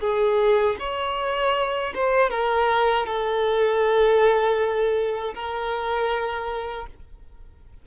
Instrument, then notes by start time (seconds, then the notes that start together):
violin
0.00 G#4
0.79 C#5
1.94 C5
2.30 A#4
3.06 A4
5.34 A#4